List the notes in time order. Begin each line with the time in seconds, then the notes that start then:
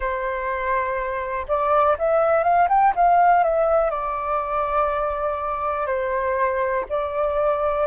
0.00 C5
1.48 D5
1.98 E5
2.43 F5
2.68 G5
2.95 F5
3.43 E5
3.90 D5
5.86 C5
6.89 D5